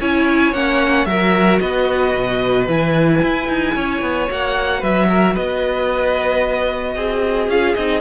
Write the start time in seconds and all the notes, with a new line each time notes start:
0.00 C#4 E4 C#5 G#5
0.52 A#3 C#4 F#5
1.05 F#3 F#4 A#4 E5
1.59 B3 B4 D#5
2.15 B2
2.67 E3 E4 G#5
3.22 E4
3.47 D#4
3.75 C#4 C#5
4.01 B3
4.28 A#3 F#4 F#5
4.79 F#3 B4 E5
5.09 A#4
5.33 B3 B4 D#5
6.95 C4 G#4
7.48 C#4 F4 F5
7.74 C4 D#4 D#5